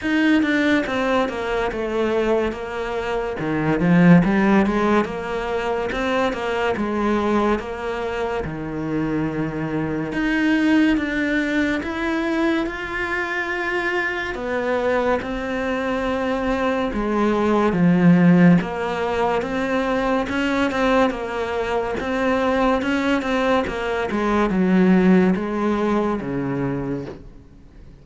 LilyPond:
\new Staff \with { instrumentName = "cello" } { \time 4/4 \tempo 4 = 71 dis'8 d'8 c'8 ais8 a4 ais4 | dis8 f8 g8 gis8 ais4 c'8 ais8 | gis4 ais4 dis2 | dis'4 d'4 e'4 f'4~ |
f'4 b4 c'2 | gis4 f4 ais4 c'4 | cis'8 c'8 ais4 c'4 cis'8 c'8 | ais8 gis8 fis4 gis4 cis4 | }